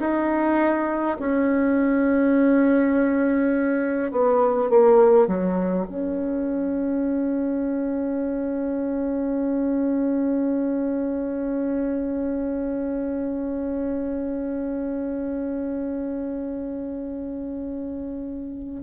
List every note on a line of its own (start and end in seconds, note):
0.00 1.18 D#4
1.20 4.12 C#4
4.12 4.70 B3
4.70 5.27 A#3
5.27 5.86 F#3
5.89 18.83 C#4